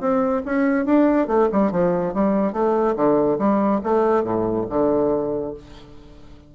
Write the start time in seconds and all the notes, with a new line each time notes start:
0.00 C4
0.45 C#4
0.85 D4
1.27 A3
1.52 G3
1.72 F3
2.14 G3
2.53 A3
2.96 D3
3.39 G3
3.83 A3
4.23 A2
4.69 D3